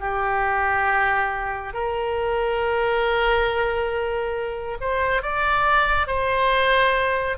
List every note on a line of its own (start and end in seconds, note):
0.00 1.74 G4
1.74 4.78 A#4
4.81 5.22 C5
5.22 6.07 D5
6.07 7.38 C5